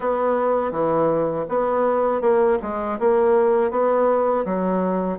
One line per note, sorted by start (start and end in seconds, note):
0.00 0.71 B3
0.71 1.45 E3
1.48 2.21 B3
2.21 2.58 A#3
2.61 2.98 G#3
2.99 3.70 A#3
3.70 4.44 B3
4.45 5.18 F#3